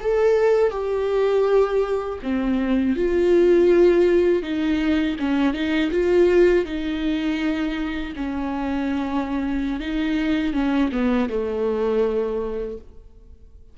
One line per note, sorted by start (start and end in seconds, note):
0.00 0.71 A4
0.71 2.19 G4
2.23 2.96 C4
2.96 4.42 F4
4.42 5.16 D#4
5.19 5.54 C#4
5.54 5.91 D#4
5.91 6.65 F4
6.65 8.13 D#4
8.16 9.80 C#4
9.80 10.53 D#4
10.53 10.90 C#4
10.92 11.29 B3
11.29 12.77 A3